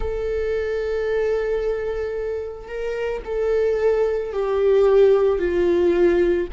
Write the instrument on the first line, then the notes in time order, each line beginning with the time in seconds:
viola
0.00 A4
2.68 A#4
3.24 A4
4.32 G4
5.39 F4